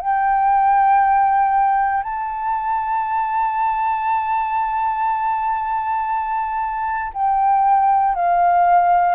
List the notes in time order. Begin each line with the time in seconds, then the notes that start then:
0.00 G5
2.03 A5
7.14 G5
8.15 F5